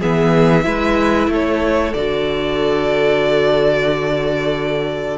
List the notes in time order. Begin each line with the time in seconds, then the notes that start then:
0.00 E3 B3 G#4 E5
0.63 G#3 E4 B4
1.28 A3 A4
1.34 C#5
1.94 D3 F#4 D5